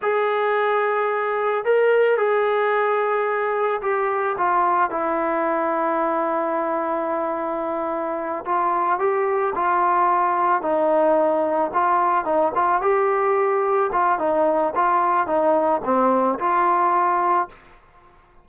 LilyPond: \new Staff \with { instrumentName = "trombone" } { \time 4/4 \tempo 4 = 110 gis'2. ais'4 | gis'2. g'4 | f'4 e'2.~ | e'2.~ e'8 f'8~ |
f'8 g'4 f'2 dis'8~ | dis'4. f'4 dis'8 f'8 g'8~ | g'4. f'8 dis'4 f'4 | dis'4 c'4 f'2 | }